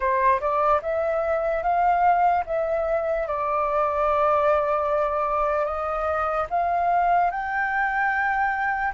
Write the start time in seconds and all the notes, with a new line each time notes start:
0.00 C5
0.40 D5
0.81 E5
1.62 F5
2.45 E5
3.27 D5
5.65 D#5
6.50 F5
7.30 G5